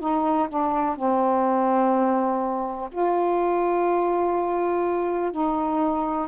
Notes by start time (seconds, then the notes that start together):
0.00 D#4
0.49 D4
0.96 C4
2.92 F4
5.32 D#4